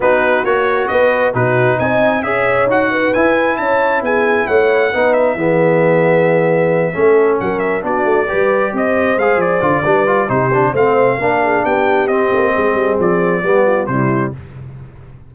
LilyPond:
<<
  \new Staff \with { instrumentName = "trumpet" } { \time 4/4 \tempo 4 = 134 b'4 cis''4 dis''4 b'4 | gis''4 e''4 fis''4 gis''4 | a''4 gis''4 fis''4. e''8~ | e''1~ |
e''8 fis''8 e''8 d''2 dis''8~ | dis''8 f''8 d''2 c''4 | f''2 g''4 dis''4~ | dis''4 d''2 c''4 | }
  \new Staff \with { instrumentName = "horn" } { \time 4/4 fis'2 b'4 fis'4 | dis''4 cis''4. b'4. | cis''4 gis'4 cis''4 b'4 | gis'2.~ gis'8 a'8~ |
a'8 ais'4 fis'4 b'4 c''8~ | c''2 b'4 g'4 | c''4 ais'8 gis'8 g'2 | gis'2 g'8 f'8 e'4 | }
  \new Staff \with { instrumentName = "trombone" } { \time 4/4 dis'4 fis'2 dis'4~ | dis'4 gis'4 fis'4 e'4~ | e'2. dis'4 | b2.~ b8 cis'8~ |
cis'4. d'4 g'4.~ | g'8 gis'4 f'8 d'8 f'8 dis'8 d'8 | c'4 d'2 c'4~ | c'2 b4 g4 | }
  \new Staff \with { instrumentName = "tuba" } { \time 4/4 b4 ais4 b4 b,4 | c'4 cis'4 dis'4 e'4 | cis'4 b4 a4 b4 | e2.~ e8 a8~ |
a8 fis4 b8 a8 g4 c'8~ | c'8 gis8 f8 d8 g4 c4 | a4 ais4 b4 c'8 ais8 | gis8 g8 f4 g4 c4 | }
>>